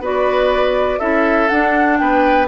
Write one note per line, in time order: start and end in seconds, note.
0.00 0.98 B3
0.00 0.99 F#4
0.00 0.99 B4
0.00 0.99 D5
0.99 1.49 C#4
0.99 1.49 E4
0.99 1.97 A4
0.99 1.48 E5
1.48 2.48 D4
1.48 2.00 D4
1.48 1.98 F#5
1.98 2.48 B3
1.98 2.48 B4
1.98 2.47 G5